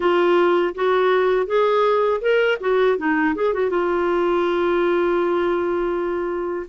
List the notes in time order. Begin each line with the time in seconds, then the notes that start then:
0.00 F4
0.74 F#4
1.46 G#4
2.21 A#4
2.60 F#4
2.97 D#4
3.35 G#4
3.53 F#4
3.70 F4